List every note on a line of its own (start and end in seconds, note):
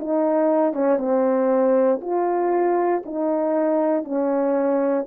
0.00 0.74 D#4
0.74 0.99 C#4
0.99 2.01 C4
2.02 3.04 F4
3.06 4.04 D#4
4.04 5.06 C#4